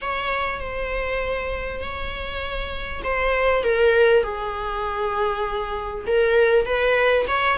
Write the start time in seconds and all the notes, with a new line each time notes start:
0.01 C#5
0.60 C5
1.81 C#5
3.03 C5
3.63 A#4
4.23 G#4
6.06 A#4
6.65 B4
7.27 C#5